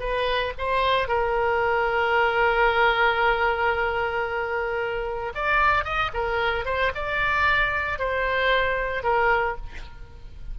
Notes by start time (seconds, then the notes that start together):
0.00 B4
0.58 C5
1.08 A#4
5.35 D5
5.85 D#5
6.14 A#4
6.66 C5
6.95 D5
7.99 C5
9.03 A#4